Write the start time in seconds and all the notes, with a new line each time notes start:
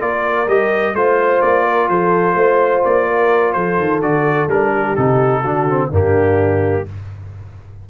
0.00 A#3 F4 A#4 D5
0.47 G3 G4 D#5
0.94 A3 F4 C5
1.42 A#3 D5
1.65 A#4
1.89 F3 A4 C5
2.35 A3 C5
2.85 A#3 D5
3.07 A#4
3.53 F3 A4 C5
3.78 D#3
4.02 D3 F#4 D5
4.48 G3 D4 A#4
4.73 G4
4.96 C3 D#4 A4
5.41 D3 D4 F#4
5.69 C4
5.90 G2 A#3 D4 G4